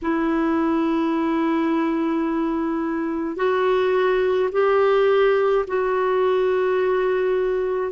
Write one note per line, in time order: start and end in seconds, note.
0.02 3.36 E4
3.36 4.49 F#4
4.52 5.65 G4
5.67 7.92 F#4